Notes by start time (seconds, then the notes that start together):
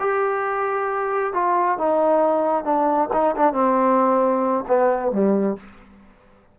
0.00 G4
1.34 F4
1.79 D#4
2.65 D4
3.13 D#4
3.36 D4
3.53 C4
4.68 B3
5.12 G3